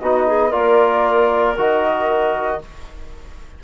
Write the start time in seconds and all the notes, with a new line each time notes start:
0.00 B3 D#4 F#4 D#5
0.27 G#4
0.50 A#3 F4 A#4 D5
1.57 D#3 F#4 D#5